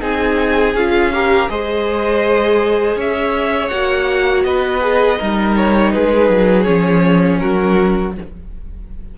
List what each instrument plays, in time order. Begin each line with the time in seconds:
0.00 cello C4, viola D#4, violin G#4 G#5
0.74 cello C#4, viola F4, violin F5
1.13 viola G4, violin A#4
1.49 cello G#3, viola G#4, violin C5 D#5
2.96 cello C#4, violin C#5 E5
3.68 cello A#3, viola F#4, violin F#5
4.44 cello B3, violin B4 D#5
4.81 viola G#4
5.18 cello G3, viola D#4, violin A#4
5.56 violin C#5
5.92 cello G#3, violin G#4 B4
6.29 cello F#3
6.63 cello F3, viola C#4, violin C#5
7.39 cello F#3, violin F#4 A#4